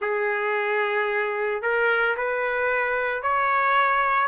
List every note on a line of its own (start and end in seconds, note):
0.01 1.62 G#4
1.62 2.15 A#4
2.17 3.22 B4
3.22 4.27 C#5